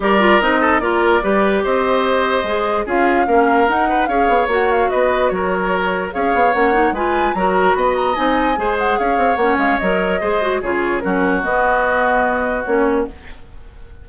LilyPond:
<<
  \new Staff \with { instrumentName = "flute" } { \time 4/4 \tempo 4 = 147 d''4 dis''4 d''2 | dis''2. f''4~ | f''4 fis''4 f''4 fis''8 f''8 | dis''4 cis''2 f''4 |
fis''4 gis''4 ais''4 b''8 ais''8 | gis''4. fis''8 f''4 fis''8 f''8 | dis''2 cis''4 ais'4 | dis''2. cis''4 | }
  \new Staff \with { instrumentName = "oboe" } { \time 4/4 ais'4. a'8 ais'4 b'4 | c''2. gis'4 | ais'4. b'8 cis''2 | b'4 ais'2 cis''4~ |
cis''4 b'4 ais'4 dis''4~ | dis''4 c''4 cis''2~ | cis''4 c''4 gis'4 fis'4~ | fis'1 | }
  \new Staff \with { instrumentName = "clarinet" } { \time 4/4 g'8 f'8 dis'4 f'4 g'4~ | g'2 gis'4 f'4 | cis'4 dis'4 gis'4 fis'4~ | fis'2. gis'4 |
cis'8 dis'8 f'4 fis'2 | dis'4 gis'2 cis'4 | ais'4 gis'8 fis'8 f'4 cis'4 | b2. cis'4 | }
  \new Staff \with { instrumentName = "bassoon" } { \time 4/4 g4 c'4 ais4 g4 | c'2 gis4 cis'4 | ais4 dis'4 cis'8 b8 ais4 | b4 fis2 cis'8 b8 |
ais4 gis4 fis4 b4 | c'4 gis4 cis'8 c'8 ais8 gis8 | fis4 gis4 cis4 fis4 | b2. ais4 | }
>>